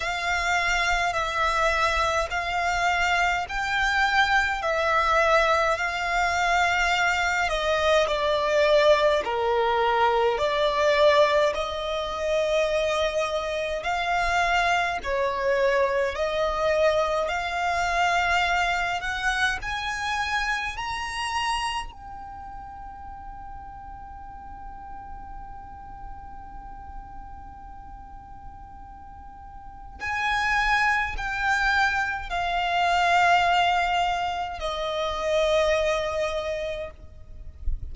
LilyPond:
\new Staff \with { instrumentName = "violin" } { \time 4/4 \tempo 4 = 52 f''4 e''4 f''4 g''4 | e''4 f''4. dis''8 d''4 | ais'4 d''4 dis''2 | f''4 cis''4 dis''4 f''4~ |
f''8 fis''8 gis''4 ais''4 g''4~ | g''1~ | g''2 gis''4 g''4 | f''2 dis''2 | }